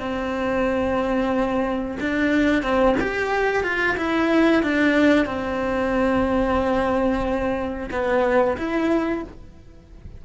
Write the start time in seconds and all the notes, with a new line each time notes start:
0.00 C4
2.00 D4
2.63 C4
3.01 G4
3.64 F4
3.97 E4
4.63 D4
5.26 C4
7.92 B3
8.58 E4